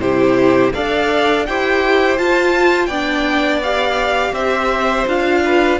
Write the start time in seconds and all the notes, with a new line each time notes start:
0.00 C3 E4 G4 C5
0.74 D4 A4 D5 F5
1.46 E4 G4 C5 G5
2.18 F4 A5
2.86 B3 D4 D5 G5
3.63 G4 F5
4.33 C4 C5 E5
5.07 D4 F4 F5
5.45 B4